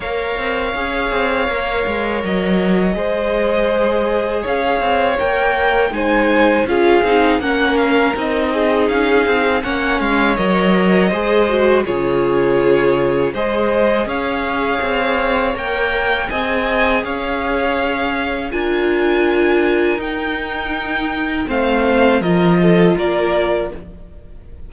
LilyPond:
<<
  \new Staff \with { instrumentName = "violin" } { \time 4/4 \tempo 4 = 81 f''2. dis''4~ | dis''2 f''4 g''4 | gis''4 f''4 fis''8 f''8 dis''4 | f''4 fis''8 f''8 dis''2 |
cis''2 dis''4 f''4~ | f''4 g''4 gis''4 f''4~ | f''4 gis''2 g''4~ | g''4 f''4 dis''4 d''4 | }
  \new Staff \with { instrumentName = "violin" } { \time 4/4 cis''1 | c''2 cis''2 | c''4 gis'4 ais'4. gis'8~ | gis'4 cis''2 c''4 |
gis'2 c''4 cis''4~ | cis''2 dis''4 cis''4~ | cis''4 ais'2.~ | ais'4 c''4 ais'8 a'8 ais'4 | }
  \new Staff \with { instrumentName = "viola" } { \time 4/4 ais'4 gis'4 ais'2 | gis'2. ais'4 | dis'4 f'8 dis'8 cis'4 dis'4~ | dis'4 cis'4 ais'4 gis'8 fis'8 |
f'2 gis'2~ | gis'4 ais'4 gis'2~ | gis'4 f'2 dis'4~ | dis'4 c'4 f'2 | }
  \new Staff \with { instrumentName = "cello" } { \time 4/4 ais8 c'8 cis'8 c'8 ais8 gis8 fis4 | gis2 cis'8 c'8 ais4 | gis4 cis'8 c'8 ais4 c'4 | cis'8 c'8 ais8 gis8 fis4 gis4 |
cis2 gis4 cis'4 | c'4 ais4 c'4 cis'4~ | cis'4 d'2 dis'4~ | dis'4 a4 f4 ais4 | }
>>